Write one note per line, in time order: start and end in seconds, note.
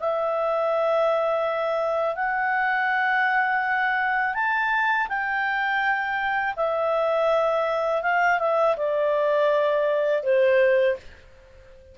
0.00 2.16 E5
2.16 4.35 F#5
4.35 5.08 A5
5.09 6.55 G5
6.57 8.03 E5
8.03 8.39 F5
8.39 8.76 E5
8.77 10.23 D5
10.23 10.97 C5